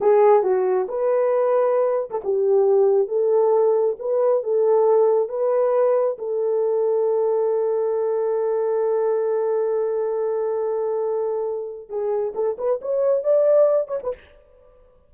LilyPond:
\new Staff \with { instrumentName = "horn" } { \time 4/4 \tempo 4 = 136 gis'4 fis'4 b'2~ | b'8. a'16 g'2 a'4~ | a'4 b'4 a'2 | b'2 a'2~ |
a'1~ | a'1~ | a'2. gis'4 | a'8 b'8 cis''4 d''4. cis''16 b'16 | }